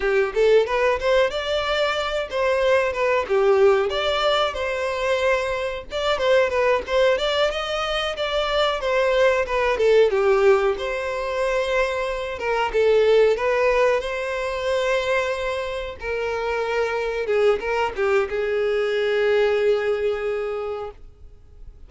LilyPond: \new Staff \with { instrumentName = "violin" } { \time 4/4 \tempo 4 = 92 g'8 a'8 b'8 c''8 d''4. c''8~ | c''8 b'8 g'4 d''4 c''4~ | c''4 d''8 c''8 b'8 c''8 d''8 dis''8~ | dis''8 d''4 c''4 b'8 a'8 g'8~ |
g'8 c''2~ c''8 ais'8 a'8~ | a'8 b'4 c''2~ c''8~ | c''8 ais'2 gis'8 ais'8 g'8 | gis'1 | }